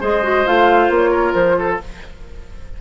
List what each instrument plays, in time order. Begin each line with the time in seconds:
0.00 bassoon G#3, clarinet G#4, oboe C5, flute D#5
0.23 clarinet F#4
0.46 bassoon A3, clarinet F4, flute F5
0.89 bassoon A#3, flute C#5
1.11 oboe A#4
1.33 bassoon F3, flute C5
1.58 oboe A4